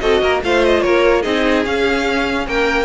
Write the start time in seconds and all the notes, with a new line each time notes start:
0.00 C4 F#4 A4 D#5
0.21 A#3 A#4
0.43 A3 F4 C5 F5
0.65 D#5
0.81 A#3 A#4 C#5
1.22 C4 D#4 G#4 D#5
1.64 C#4 F5
2.47 A#3 A#4 G5